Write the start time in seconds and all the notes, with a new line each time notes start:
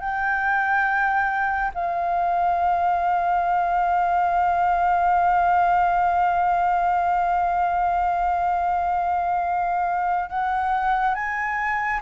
0.00 G5
1.74 F5
10.29 F#5
11.14 G#5